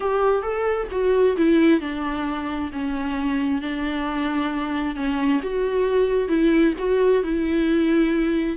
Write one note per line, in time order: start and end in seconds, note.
0.00 0.42 G4
0.42 0.87 A4
0.91 1.36 F#4
1.36 1.80 E4
1.80 2.70 D4
2.72 3.61 C#4
3.61 4.95 D4
4.95 5.40 C#4
5.42 6.28 F#4
6.28 6.73 E4
6.78 7.23 F#4
7.23 8.57 E4